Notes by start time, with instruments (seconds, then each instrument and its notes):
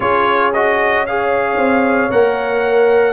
0.00 tuba C#4, trombone F4, horn G#4, trumpet C#5
0.53 trombone F#4, trumpet D#5
1.06 trombone G#4, horn C#5, trumpet F5
1.56 tuba C4
2.10 tuba A#3, trombone A#4, trumpet F#5